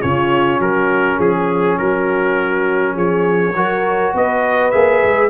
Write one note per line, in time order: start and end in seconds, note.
0.00 0.59 C#3
0.00 3.53 C#4
0.00 0.60 F4
0.00 0.60 C#5
0.59 1.18 F#3
0.59 1.16 F#4
0.59 1.19 A#4
1.16 1.77 F3
1.16 1.75 G#4
1.16 1.78 G#4
1.78 2.96 F#3
1.78 2.94 F#4
1.78 2.95 A#4
2.94 3.54 F3
2.94 3.53 G#4
2.94 4.15 C#5
3.54 4.13 F#3
3.54 4.72 F#4
3.54 4.14 A#4
4.14 4.73 B3
4.14 5.29 B4
4.14 4.71 D#5
4.71 5.03 A#3
4.71 5.29 G#4
4.71 5.29 E5
5.04 5.29 G#3